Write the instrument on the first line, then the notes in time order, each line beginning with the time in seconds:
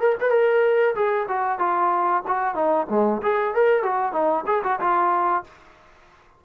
trombone
0.00 A#4
0.20 B4
0.31 A#4
0.95 G#4
1.28 F#4
1.59 F4
2.27 F#4
2.54 D#4
2.89 G#3
3.22 G#4
3.55 A#4
3.83 F#4
4.12 D#4
4.46 G#4
4.63 F#4
4.80 F4